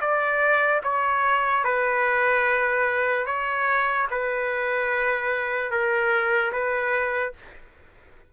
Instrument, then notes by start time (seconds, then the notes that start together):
trumpet
0.00 D5
0.83 C#5
1.64 B4
3.26 C#5
4.10 B4
5.71 A#4
6.52 B4